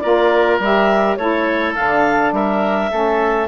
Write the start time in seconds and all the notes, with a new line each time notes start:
0.00 A#3 F4 A#4 D5
0.59 G3 G4 E5
1.17 A3 E4 A4 C#5
1.75 D3 D4 F5
2.32 G3 A#4 E5
2.91 A3 C#4 A4